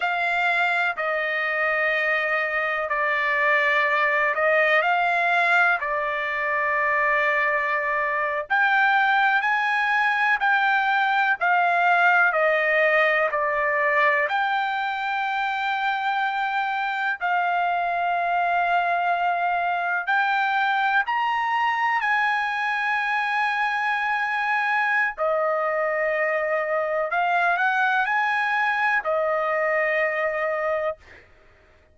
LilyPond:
\new Staff \with { instrumentName = "trumpet" } { \time 4/4 \tempo 4 = 62 f''4 dis''2 d''4~ | d''8 dis''8 f''4 d''2~ | d''8. g''4 gis''4 g''4 f''16~ | f''8. dis''4 d''4 g''4~ g''16~ |
g''4.~ g''16 f''2~ f''16~ | f''8. g''4 ais''4 gis''4~ gis''16~ | gis''2 dis''2 | f''8 fis''8 gis''4 dis''2 | }